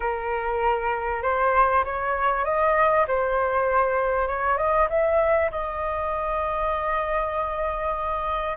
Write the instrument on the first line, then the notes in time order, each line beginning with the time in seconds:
flute
0.00 A#4
1.22 C5
1.84 C#5
2.44 D#5
3.07 C5
4.27 C#5
4.57 D#5
4.89 E5
5.51 D#5